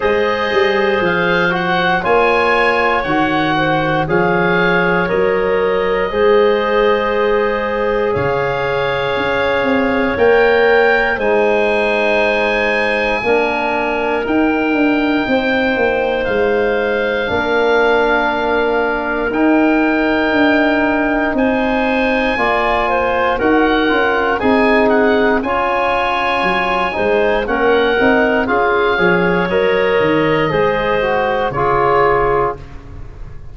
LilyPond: <<
  \new Staff \with { instrumentName = "oboe" } { \time 4/4 \tempo 4 = 59 dis''4 f''8 fis''8 gis''4 fis''4 | f''4 dis''2. | f''2 g''4 gis''4~ | gis''2 g''2 |
f''2. g''4~ | g''4 gis''2 fis''4 | gis''8 fis''8 gis''2 fis''4 | f''4 dis''2 cis''4 | }
  \new Staff \with { instrumentName = "clarinet" } { \time 4/4 c''2 cis''4. c''8 | cis''2 c''2 | cis''2. c''4~ | c''4 ais'2 c''4~ |
c''4 ais'2.~ | ais'4 c''4 d''8 c''8 ais'4 | gis'4 cis''4. c''8 ais'4 | gis'8 cis''4. c''4 gis'4 | }
  \new Staff \with { instrumentName = "trombone" } { \time 4/4 gis'4. fis'8 f'4 fis'4 | gis'4 ais'4 gis'2~ | gis'2 ais'4 dis'4~ | dis'4 d'4 dis'2~ |
dis'4 d'2 dis'4~ | dis'2 f'4 fis'8 f'8 | dis'4 f'4. dis'8 cis'8 dis'8 | f'8 gis'8 ais'4 gis'8 fis'8 f'4 | }
  \new Staff \with { instrumentName = "tuba" } { \time 4/4 gis8 g8 f4 ais4 dis4 | f4 fis4 gis2 | cis4 cis'8 c'8 ais4 gis4~ | gis4 ais4 dis'8 d'8 c'8 ais8 |
gis4 ais2 dis'4 | d'4 c'4 ais4 dis'8 cis'8 | c'4 cis'4 fis8 gis8 ais8 c'8 | cis'8 f8 fis8 dis8 gis4 cis4 | }
>>